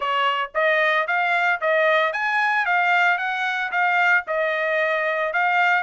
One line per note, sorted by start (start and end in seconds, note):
0.00 0.50 C#5
0.54 1.07 D#5
1.07 1.60 F5
1.60 2.12 D#5
2.12 2.65 G#5
2.65 3.18 F5
3.18 3.71 F#5
3.71 4.24 F5
4.27 5.33 D#5
5.33 5.83 F5